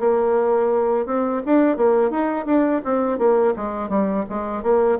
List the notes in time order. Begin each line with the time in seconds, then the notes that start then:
0.00 A#3
1.06 C4
1.46 D4
1.77 A#3
2.11 D#4
2.46 D4
2.85 C4
3.19 A#3
3.56 G#3
3.90 G3
4.30 G#3
4.63 A#3